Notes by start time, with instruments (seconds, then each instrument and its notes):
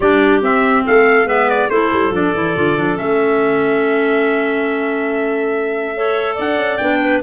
0.00 tuba G3, clarinet D4 G4, trumpet D5
0.41 clarinet C4, tuba C4, trumpet E5
0.85 tuba A3, clarinet A4, trumpet F5
1.25 tuba G#3, clarinet B3 B4, trumpet E5
1.49 trumpet D5
1.70 tuba A3, clarinet E4 A4, trumpet C5
1.92 tuba G3
2.10 tuba F3, clarinet D4, trumpet D5
2.33 tuba E3, clarinet E4
2.55 tuba D3, clarinet F4
2.76 tuba F3, clarinet D4
2.95 tuba A3, clarinet C#4, trumpet E5
5.95 clarinet A4 C#5
6.34 tuba D4, clarinet D5, trumpet F#5
6.56 tuba C#4
6.77 tuba B3, clarinet D4, trumpet G5
7.01 clarinet B4